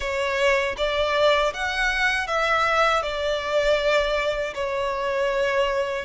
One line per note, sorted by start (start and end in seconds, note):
0.00 0.75 C#5
0.77 1.53 D5
1.53 2.27 F#5
2.27 3.02 E5
3.02 4.54 D5
4.54 6.05 C#5